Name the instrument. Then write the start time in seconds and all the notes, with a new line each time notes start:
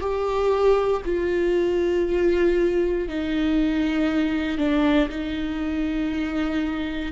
viola
0.00 G4
1.04 F4
3.08 D#4
4.57 D4
5.09 D#4